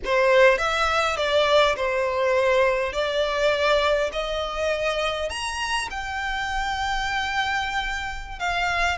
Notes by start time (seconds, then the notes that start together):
0.04 C5
0.57 E5
1.16 D5
1.76 C5
2.93 D5
4.12 D#5
5.29 A#5
5.90 G5
8.39 F5